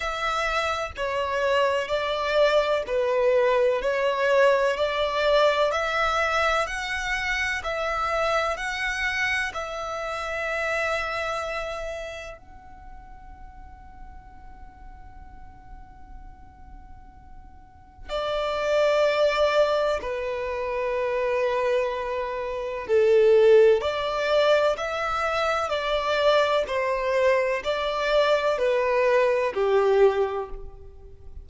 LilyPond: \new Staff \with { instrumentName = "violin" } { \time 4/4 \tempo 4 = 63 e''4 cis''4 d''4 b'4 | cis''4 d''4 e''4 fis''4 | e''4 fis''4 e''2~ | e''4 fis''2.~ |
fis''2. d''4~ | d''4 b'2. | a'4 d''4 e''4 d''4 | c''4 d''4 b'4 g'4 | }